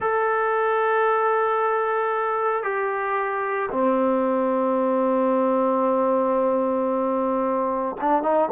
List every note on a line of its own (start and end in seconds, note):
0.00 2.63 A4
2.63 3.69 G4
3.71 7.95 C4
8.00 8.22 D4
8.22 8.49 D#4